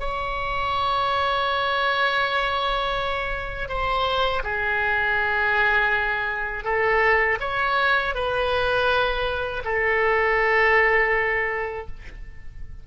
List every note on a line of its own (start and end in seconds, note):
0.00 3.69 C#5
3.69 4.43 C5
4.43 6.64 G#4
6.64 7.38 A4
7.40 8.14 C#5
8.15 9.63 B4
9.65 11.87 A4